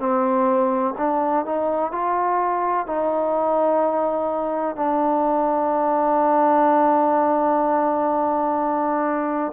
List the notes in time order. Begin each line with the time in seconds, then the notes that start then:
0.00 C4
0.98 D4
1.46 D#4
1.92 F4
2.87 D#4
4.76 D4